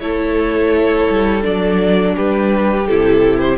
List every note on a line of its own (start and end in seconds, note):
0.00 1.08 A3
0.00 1.42 E4
0.00 2.16 A4
0.00 1.43 C#5
1.09 1.45 G3
1.42 2.16 F#3
1.42 2.84 D4
1.42 2.15 D5
2.16 2.89 G3
2.16 3.58 G4
2.16 2.87 B4
2.87 3.58 C3
2.87 3.58 E4
2.87 3.39 A4
3.39 3.57 C5